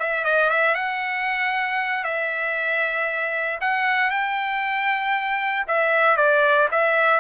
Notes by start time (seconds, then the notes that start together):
0.00 E5
0.25 D#5
0.50 E5
0.75 F#5
2.05 E5
3.61 F#5
4.11 G5
5.68 E5
6.17 D5
6.72 E5